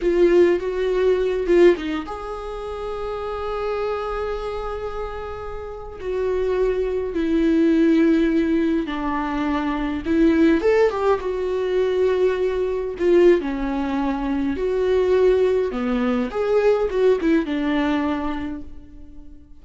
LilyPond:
\new Staff \with { instrumentName = "viola" } { \time 4/4 \tempo 4 = 103 f'4 fis'4. f'8 dis'8 gis'8~ | gis'1~ | gis'2~ gis'16 fis'4.~ fis'16~ | fis'16 e'2. d'8.~ |
d'4~ d'16 e'4 a'8 g'8 fis'8.~ | fis'2~ fis'16 f'8. cis'4~ | cis'4 fis'2 b4 | gis'4 fis'8 e'8 d'2 | }